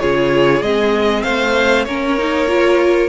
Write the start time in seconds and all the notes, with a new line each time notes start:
0.00 C#3 F4 G#4 C#5
0.62 G#3 C4 D#5
1.23 A3 C5 F5
1.85 A#3 C#4 A#4 C#5
2.18 D#4
2.48 F4